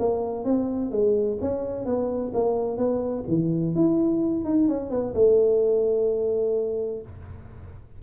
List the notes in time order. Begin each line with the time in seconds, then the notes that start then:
0.00 A#3
0.45 C4
0.92 G#3
1.41 C#4
1.86 B3
2.34 A#3
2.78 B3
3.28 E3
3.76 E4
4.45 D#4
4.69 C#4
4.91 B3
5.15 A3